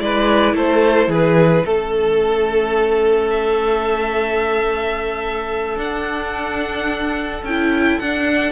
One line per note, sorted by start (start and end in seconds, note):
0.00 0.54 G#3
0.00 1.65 E4
0.00 0.56 B4
0.00 0.56 D5
0.54 1.08 A3
0.54 1.10 A4
0.54 1.12 C5
1.08 1.63 E3
1.08 1.65 G#4
1.08 1.67 B4
1.65 5.78 A3
1.65 5.77 C#4
1.65 8.52 A4
1.65 3.31 A4
3.31 5.79 E5
5.77 7.42 D4
5.77 7.43 D4
5.77 7.44 F#5
7.44 7.99 C#4
7.44 8.03 E4
7.44 8.00 G5
8.00 8.52 D4
8.00 8.52 F#5